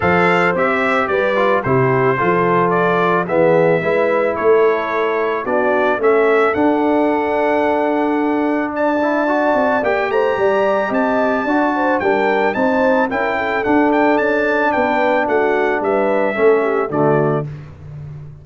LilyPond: <<
  \new Staff \with { instrumentName = "trumpet" } { \time 4/4 \tempo 4 = 110 f''4 e''4 d''4 c''4~ | c''4 d''4 e''2 | cis''2 d''4 e''4 | fis''1 |
a''2 g''8 ais''4. | a''2 g''4 a''4 | g''4 fis''8 g''8 a''4 g''4 | fis''4 e''2 d''4 | }
  \new Staff \with { instrumentName = "horn" } { \time 4/4 c''2 b'4 g'4 | a'2 gis'4 b'4 | a'2 fis'4 a'4~ | a'1 |
d''2~ d''8 c''8 d''4 | dis''4 d''8 c''8 ais'4 c''4 | ais'8 a'2~ a'8 b'4 | fis'4 b'4 a'8 g'8 fis'4 | }
  \new Staff \with { instrumentName = "trombone" } { \time 4/4 a'4 g'4. f'8 e'4 | f'2 b4 e'4~ | e'2 d'4 cis'4 | d'1~ |
d'8 e'8 fis'4 g'2~ | g'4 fis'4 d'4 dis'4 | e'4 d'2.~ | d'2 cis'4 a4 | }
  \new Staff \with { instrumentName = "tuba" } { \time 4/4 f4 c'4 g4 c4 | f2 e4 gis4 | a2 b4 a4 | d'1~ |
d'4. c'8 ais8 a8 g4 | c'4 d'4 g4 c'4 | cis'4 d'4 cis'4 b4 | a4 g4 a4 d4 | }
>>